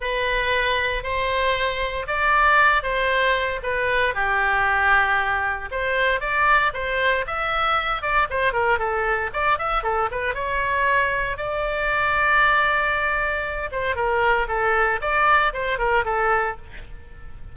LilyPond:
\new Staff \with { instrumentName = "oboe" } { \time 4/4 \tempo 4 = 116 b'2 c''2 | d''4. c''4. b'4 | g'2. c''4 | d''4 c''4 e''4. d''8 |
c''8 ais'8 a'4 d''8 e''8 a'8 b'8 | cis''2 d''2~ | d''2~ d''8 c''8 ais'4 | a'4 d''4 c''8 ais'8 a'4 | }